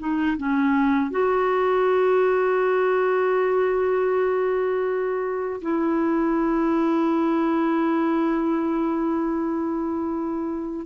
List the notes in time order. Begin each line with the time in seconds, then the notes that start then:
0.00 D#4
0.38 C#4
1.11 F#4
5.62 E4